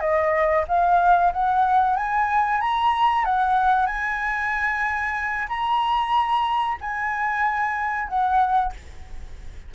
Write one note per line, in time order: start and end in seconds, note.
0.00 0.65 D#5
0.68 1.33 F5
1.33 1.96 F#5
1.96 2.61 G#5
2.61 3.25 A#5
3.25 3.87 F#5
3.87 5.48 G#5
5.49 6.78 A#5
6.81 8.09 G#5
8.09 8.73 F#5